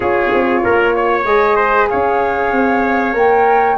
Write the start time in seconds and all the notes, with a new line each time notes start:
0.00 C#4 F4 G#4 C#5
0.33 C4
0.63 A#3 A#4
0.95 C#5
1.24 G#3 G#4 D#5
1.56 C5
1.89 C#4 C#5 F5
2.52 C4
3.13 A#3 A#4 G5